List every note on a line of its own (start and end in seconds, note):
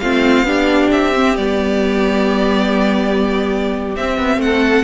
0.00 0.43 A3
0.00 0.46 C4
0.00 0.47 F4
0.00 0.90 F5
0.43 0.88 B3
0.43 1.14 D4
0.43 4.42 G4
0.92 1.37 C4
0.92 1.37 E5
1.15 1.37 C4
1.37 3.96 G3
1.37 3.97 B3
1.37 3.96 D5
3.96 4.19 C4
3.96 4.84 C4
3.96 4.42 E5
4.19 4.37 B3
4.37 4.82 A3
4.37 4.84 F#5
4.45 4.84 A4